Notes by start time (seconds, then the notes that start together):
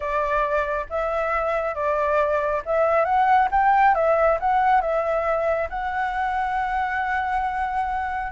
0.00 D5
0.89 E5
1.75 D5
2.65 E5
3.04 F#5
3.51 G5
3.94 E5
4.40 F#5
4.81 E5
5.69 F#5